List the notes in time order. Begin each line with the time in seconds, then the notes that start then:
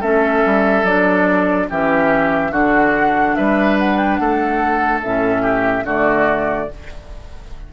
0.00 A3 C#4 A4 E5
0.45 G3
0.83 F#3 D4 D5
1.69 E3 C#4 G4 E5
2.51 D3 D4 F#4 F#5
3.35 G3 B4 E5
3.79 F#5
3.97 G5
4.16 A3 A4 F#5
5.03 A2 C#4 E5
5.42 G4
5.84 D3 A3 F#4 D5